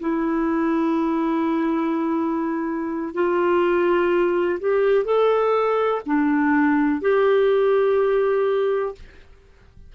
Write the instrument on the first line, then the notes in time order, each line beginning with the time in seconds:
clarinet
0.00 E4
3.14 F4
4.60 G4
5.05 A4
6.06 D4
7.01 G4